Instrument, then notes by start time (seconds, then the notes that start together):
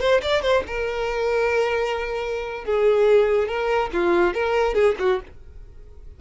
violin
0.00 C5
0.22 D5
0.42 C5
0.67 A#4
2.65 G#4
3.48 A#4
3.93 F4
4.34 A#4
4.74 G#4
4.99 F#4